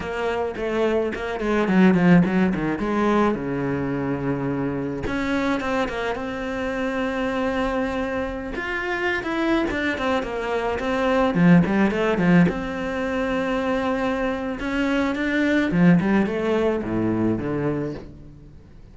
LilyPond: \new Staff \with { instrumentName = "cello" } { \time 4/4 \tempo 4 = 107 ais4 a4 ais8 gis8 fis8 f8 | fis8 dis8 gis4 cis2~ | cis4 cis'4 c'8 ais8 c'4~ | c'2.~ c'16 f'8.~ |
f'8 e'8. d'8 c'8 ais4 c'8.~ | c'16 f8 g8 a8 f8 c'4.~ c'16~ | c'2 cis'4 d'4 | f8 g8 a4 a,4 d4 | }